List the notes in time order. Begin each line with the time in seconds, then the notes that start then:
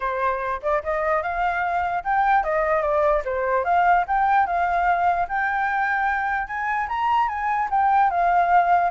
0.00 C5
0.62 D5
0.83 D#5
1.22 F5
2.04 G5
2.43 D#5
2.82 D5
3.24 C5
3.64 F5
4.07 G5
4.46 F5
5.28 G5
6.47 G#5
6.88 A#5
7.28 G#5
7.70 G5
8.10 F5